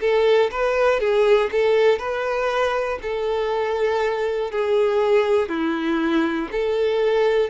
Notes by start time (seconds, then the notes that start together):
0.00 A4
0.50 B4
1.00 G#4
1.51 A4
1.99 B4
3.01 A4
4.50 G#4
5.48 E4
6.51 A4